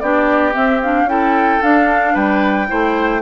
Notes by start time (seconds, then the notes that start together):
0.00 B3 D4 G4 D5
0.53 C4 E5
0.82 D4 F5
1.04 C#4 E4 A4 G5
1.62 D4 F5
2.14 G3 B4 G5
2.68 A3 E4 C5